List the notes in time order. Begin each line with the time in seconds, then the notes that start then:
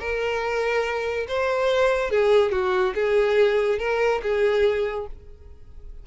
0.00 A#4
1.28 C5
2.10 G#4
2.52 F#4
2.95 G#4
3.79 A#4
4.23 G#4